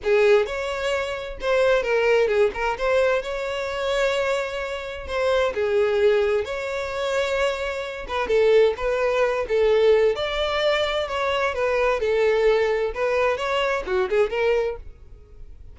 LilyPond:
\new Staff \with { instrumentName = "violin" } { \time 4/4 \tempo 4 = 130 gis'4 cis''2 c''4 | ais'4 gis'8 ais'8 c''4 cis''4~ | cis''2. c''4 | gis'2 cis''2~ |
cis''4. b'8 a'4 b'4~ | b'8 a'4. d''2 | cis''4 b'4 a'2 | b'4 cis''4 fis'8 gis'8 ais'4 | }